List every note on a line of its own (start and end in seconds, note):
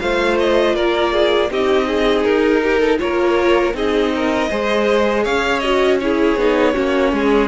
0.00 0.76 A3
0.00 1.51 F4
0.00 0.76 C5
0.00 0.38 F5
0.40 0.76 D#5
0.76 1.51 A#3
0.76 1.13 A#4
0.76 1.51 D5
1.13 1.51 G#4
1.51 2.25 C4
1.51 2.98 D#4
1.51 1.88 G4
1.51 2.24 D#5
1.88 2.63 G#4
2.24 3.00 D#4
2.24 2.99 A#4
2.63 2.80 G4
2.80 2.99 A4
2.98 3.74 A#3
2.98 3.73 F4
2.98 3.76 A#4
2.98 3.74 C#5
3.74 4.49 C4
3.74 4.50 D#4
3.74 4.14 G#4
3.74 5.25 D#5
4.16 4.50 A#4
4.50 5.26 G#3
4.50 5.63 G#4
4.50 5.24 C5
5.24 6.37 C#4
5.24 5.99 C#5
5.24 5.60 F5
5.60 6.01 F#4
5.60 5.98 D#5
6.00 6.39 E4
6.00 6.74 G#4
6.00 7.48 C#5
6.37 6.74 B3
6.37 6.75 D#4
6.74 7.13 A#3
6.74 7.48 C#4
6.74 7.12 F#4
7.13 7.48 G#3
7.13 7.48 G#4